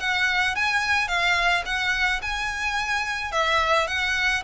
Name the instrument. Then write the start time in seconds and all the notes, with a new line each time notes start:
violin
0.00 F#5
0.56 G#5
1.08 F5
1.65 F#5
2.22 G#5
3.32 E5
3.88 F#5